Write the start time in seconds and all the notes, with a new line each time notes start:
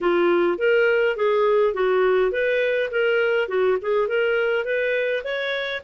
0.00 F4
0.58 A#4
1.16 G#4
1.74 F#4
2.31 B4
2.91 A#4
3.48 F#4
3.81 G#4
4.08 A#4
4.64 B4
5.23 C#5